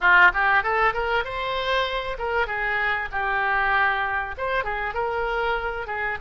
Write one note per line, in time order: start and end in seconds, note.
0.00 0.31 F4
0.33 0.63 G4
0.63 0.93 A4
0.93 1.24 A#4
1.24 2.17 C5
2.18 2.47 A#4
2.47 3.08 G#4
3.11 4.35 G4
4.37 4.63 C5
4.63 4.93 G#4
4.93 5.86 A#4
5.87 6.17 G#4